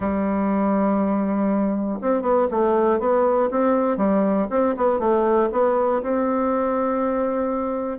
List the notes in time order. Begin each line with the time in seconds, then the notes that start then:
0.00 G3
2.01 C4
2.22 B3
2.50 A3
2.99 B3
3.50 C4
3.97 G3
4.50 C4
4.76 B3
4.99 A3
5.51 B3
6.02 C4